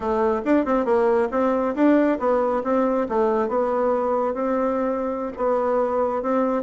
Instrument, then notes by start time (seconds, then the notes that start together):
bassoon
0.00 A3
0.44 D4
0.65 C4
0.85 A#3
1.31 C4
1.75 D4
2.19 B3
2.63 C4
3.08 A3
3.48 B3
4.34 C4
5.37 B3
6.22 C4